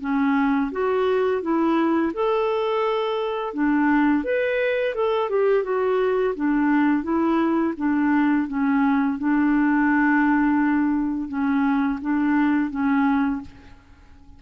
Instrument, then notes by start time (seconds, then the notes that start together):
clarinet
0.00 C#4
0.71 F#4
1.41 E4
2.13 A4
3.53 D4
4.24 B4
4.94 A4
5.29 G4
5.63 F#4
6.35 D4
7.03 E4
7.77 D4
8.47 C#4
9.18 D4
11.28 C#4
12.01 D4
12.70 C#4